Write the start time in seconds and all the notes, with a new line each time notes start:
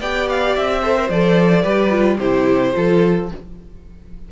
0.00 B3 G4 D5 G5
0.29 F5
0.56 C4 E5
0.82 A4 C5
0.96 A#4
1.10 F3 A4 D5
1.62 G3 G4 B4
1.91 F4
2.19 C3 E4 G4 C5
2.74 F3 F4 A4